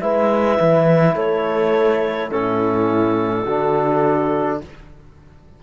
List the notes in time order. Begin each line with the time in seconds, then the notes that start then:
0.00 G#3 E4 B4 E5
0.60 E3
1.15 A3 A4 C#5
2.30 A2 C#4 E4 A4
3.44 D3 D4 F#4